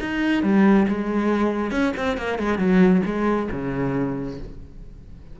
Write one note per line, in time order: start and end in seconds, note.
0.00 0.43 D#4
0.43 0.87 G3
0.88 1.71 G#3
1.71 1.93 C#4
1.96 2.17 C4
2.17 2.38 A#3
2.38 2.58 G#3
2.58 3.02 F#3
3.05 3.49 G#3
3.51 4.39 C#3